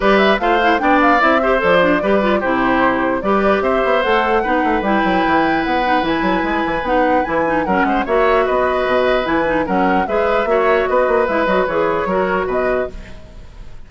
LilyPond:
<<
  \new Staff \with { instrumentName = "flute" } { \time 4/4 \tempo 4 = 149 d''8 e''8 f''4 g''8 f''8 e''4 | d''2 c''2 | d''4 e''4 fis''2 | g''2 fis''4 gis''4~ |
gis''4 fis''4 gis''4 fis''4 | e''4 dis''2 gis''4 | fis''4 e''2 dis''4 | e''8 dis''8 cis''2 dis''4 | }
  \new Staff \with { instrumentName = "oboe" } { \time 4/4 b'4 c''4 d''4. c''8~ | c''4 b'4 g'2 | b'4 c''2 b'4~ | b'1~ |
b'2. ais'8 c''8 | cis''4 b'2. | ais'4 b'4 cis''4 b'4~ | b'2 ais'4 b'4 | }
  \new Staff \with { instrumentName = "clarinet" } { \time 4/4 g'4 f'8 e'8 d'4 e'8 g'8 | a'8 d'8 g'8 f'8 e'2 | g'2 a'4 dis'4 | e'2~ e'8 dis'8 e'4~ |
e'4 dis'4 e'8 dis'8 cis'4 | fis'2. e'8 dis'8 | cis'4 gis'4 fis'2 | e'8 fis'8 gis'4 fis'2 | }
  \new Staff \with { instrumentName = "bassoon" } { \time 4/4 g4 a4 b4 c'4 | f4 g4 c2 | g4 c'8 b8 a4 b8 a8 | g8 fis8 e4 b4 e8 fis8 |
gis8 e8 b4 e4 fis8 gis8 | ais4 b4 b,4 e4 | fis4 gis4 ais4 b8 ais8 | gis8 fis8 e4 fis4 b,4 | }
>>